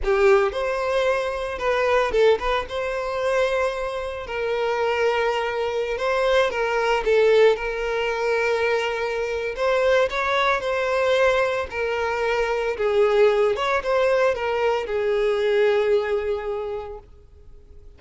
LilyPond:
\new Staff \with { instrumentName = "violin" } { \time 4/4 \tempo 4 = 113 g'4 c''2 b'4 | a'8 b'8 c''2. | ais'2.~ ais'16 c''8.~ | c''16 ais'4 a'4 ais'4.~ ais'16~ |
ais'2 c''4 cis''4 | c''2 ais'2 | gis'4. cis''8 c''4 ais'4 | gis'1 | }